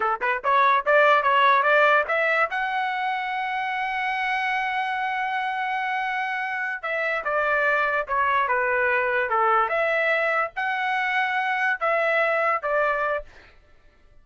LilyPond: \new Staff \with { instrumentName = "trumpet" } { \time 4/4 \tempo 4 = 145 a'8 b'8 cis''4 d''4 cis''4 | d''4 e''4 fis''2~ | fis''1~ | fis''1~ |
fis''8 e''4 d''2 cis''8~ | cis''8 b'2 a'4 e''8~ | e''4. fis''2~ fis''8~ | fis''8 e''2 d''4. | }